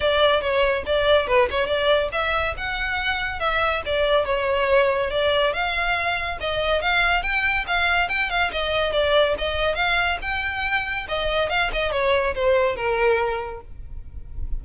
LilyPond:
\new Staff \with { instrumentName = "violin" } { \time 4/4 \tempo 4 = 141 d''4 cis''4 d''4 b'8 cis''8 | d''4 e''4 fis''2 | e''4 d''4 cis''2 | d''4 f''2 dis''4 |
f''4 g''4 f''4 g''8 f''8 | dis''4 d''4 dis''4 f''4 | g''2 dis''4 f''8 dis''8 | cis''4 c''4 ais'2 | }